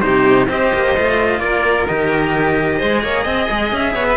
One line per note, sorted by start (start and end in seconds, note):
0.00 0.49 C3
0.00 0.48 D#4
0.00 0.48 G4
0.00 0.46 C5
0.48 0.72 C4
0.48 0.95 G4
0.48 1.40 C5
0.48 1.39 D#5
0.74 0.97 A#3
0.97 1.40 A3
0.97 1.88 F4
1.39 1.86 A#3
1.39 2.78 A#4
1.39 1.85 D5
1.87 2.82 D#3
1.87 2.80 G4
1.87 3.72 D#5
2.78 3.03 G#3
2.78 4.17 G#4
2.78 3.01 C5
3.03 3.25 A#3
3.03 3.23 C#5
3.23 3.48 C4
3.23 3.92 D#5
3.50 3.72 G#3
3.72 3.94 C#4
3.72 4.17 E5
3.94 4.17 B3
3.94 4.06 C#5
4.07 4.17 B4